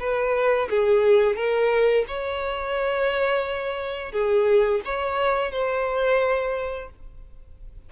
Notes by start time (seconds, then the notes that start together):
0.00 B4
0.70 G#4
1.36 A#4
2.08 C#5
4.13 G#4
4.85 C#5
5.52 C5